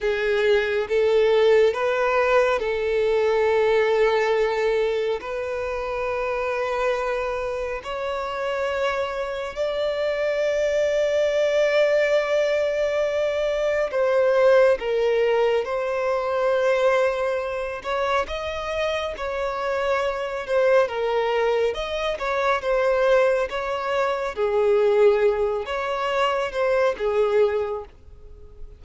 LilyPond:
\new Staff \with { instrumentName = "violin" } { \time 4/4 \tempo 4 = 69 gis'4 a'4 b'4 a'4~ | a'2 b'2~ | b'4 cis''2 d''4~ | d''1 |
c''4 ais'4 c''2~ | c''8 cis''8 dis''4 cis''4. c''8 | ais'4 dis''8 cis''8 c''4 cis''4 | gis'4. cis''4 c''8 gis'4 | }